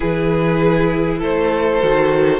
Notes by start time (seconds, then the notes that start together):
0.00 E3 E4 G#4 B4
1.19 A3 A4 C5
1.80 D#3 F#4